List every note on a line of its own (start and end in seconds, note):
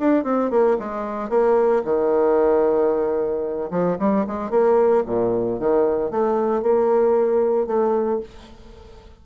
0.00 0.24 D4
0.24 0.51 C4
0.51 0.77 A#3
0.80 1.30 G#3
1.30 1.83 A#3
1.85 3.71 D#3
3.71 3.98 F3
3.99 4.26 G3
4.28 4.51 G#3
4.51 5.04 A#3
5.07 5.60 A#2
5.60 6.11 D#3
6.11 6.63 A3
6.63 7.67 A#3
7.67 8.20 A3